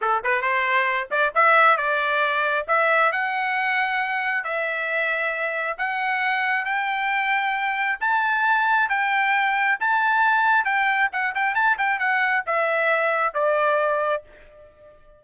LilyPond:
\new Staff \with { instrumentName = "trumpet" } { \time 4/4 \tempo 4 = 135 a'8 b'8 c''4. d''8 e''4 | d''2 e''4 fis''4~ | fis''2 e''2~ | e''4 fis''2 g''4~ |
g''2 a''2 | g''2 a''2 | g''4 fis''8 g''8 a''8 g''8 fis''4 | e''2 d''2 | }